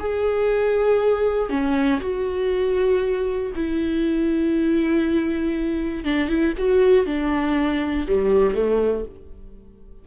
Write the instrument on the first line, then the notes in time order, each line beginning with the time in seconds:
viola
0.00 G#4
1.50 C#4
2.01 F#4
3.55 E4
6.05 D4
6.29 E4
6.58 F#4
7.06 D4
8.08 G3
8.55 A3